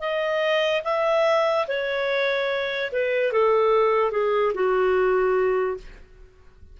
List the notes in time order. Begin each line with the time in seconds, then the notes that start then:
0.00 D#5
0.84 E5
1.68 C#5
2.92 B4
3.33 A4
4.11 G#4
4.54 F#4